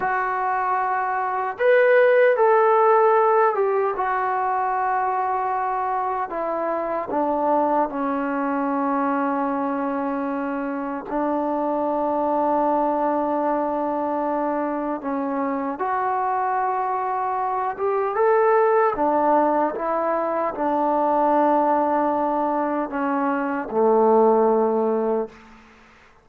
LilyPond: \new Staff \with { instrumentName = "trombone" } { \time 4/4 \tempo 4 = 76 fis'2 b'4 a'4~ | a'8 g'8 fis'2. | e'4 d'4 cis'2~ | cis'2 d'2~ |
d'2. cis'4 | fis'2~ fis'8 g'8 a'4 | d'4 e'4 d'2~ | d'4 cis'4 a2 | }